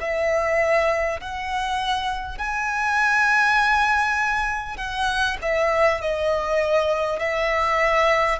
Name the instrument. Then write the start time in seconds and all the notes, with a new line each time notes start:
violin
0.00 E5
1.21 F#5
2.38 G#5
4.77 F#5
5.42 E5
6.01 D#5
7.19 E5